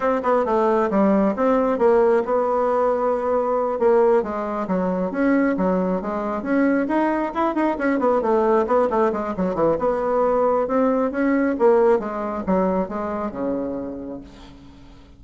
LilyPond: \new Staff \with { instrumentName = "bassoon" } { \time 4/4 \tempo 4 = 135 c'8 b8 a4 g4 c'4 | ais4 b2.~ | b8 ais4 gis4 fis4 cis'8~ | cis'8 fis4 gis4 cis'4 dis'8~ |
dis'8 e'8 dis'8 cis'8 b8 a4 b8 | a8 gis8 fis8 e8 b2 | c'4 cis'4 ais4 gis4 | fis4 gis4 cis2 | }